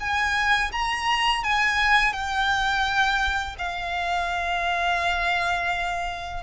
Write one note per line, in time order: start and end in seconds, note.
0.00 0.71 G#5
0.72 1.44 A#5
1.44 2.13 G#5
2.13 3.56 G5
3.59 6.44 F5